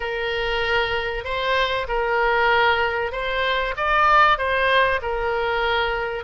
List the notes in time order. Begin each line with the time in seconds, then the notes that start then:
0.00 A#4
1.24 C5
1.88 A#4
3.11 C5
3.76 D5
4.38 C5
5.02 A#4